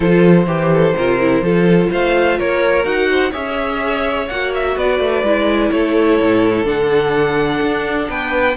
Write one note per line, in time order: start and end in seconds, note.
0.00 0.46 F3
0.00 0.45 F4
0.00 0.46 A4
0.00 1.91 C5
0.46 0.94 E3
0.46 0.94 G4
0.46 0.70 G4
0.73 0.96 A4
0.96 1.40 C3
0.96 1.20 F4
0.96 1.44 A#4
1.20 1.43 E4
1.40 1.88 F3
1.40 2.83 F4
1.40 1.90 A4
1.90 2.40 A3
1.90 2.37 C5
1.90 2.39 F5
2.37 2.84 A#3
2.37 3.09 A#4
2.37 2.85 C#5
2.83 3.31 D#4
2.83 3.30 F#4
2.83 3.32 F#5
3.11 3.30 C5
3.30 4.29 C#4
3.30 4.27 G#4
3.30 4.73 C#5
3.30 4.28 E5
4.28 4.76 A#3
4.28 5.25 F#4
4.28 4.51 F#5
4.54 4.77 E5
4.76 4.99 B3
4.76 5.71 B4
4.76 5.70 D5
4.99 5.23 A3
5.23 5.70 G#3
5.23 6.65 E4
5.70 6.19 A3
5.70 8.09 A4
5.70 6.66 C#5
6.20 6.65 A2
6.65 7.60 D3
6.65 8.55 D4
6.65 8.10 F#5
7.61 8.08 D4
8.08 8.56 B3
8.08 8.56 B4
8.08 8.56 G5